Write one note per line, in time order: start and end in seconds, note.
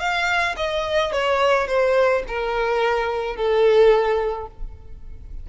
0.00 0.56 F5
0.57 1.12 D#5
1.12 1.68 C#5
1.68 2.23 C5
2.28 3.36 A#4
3.36 4.47 A4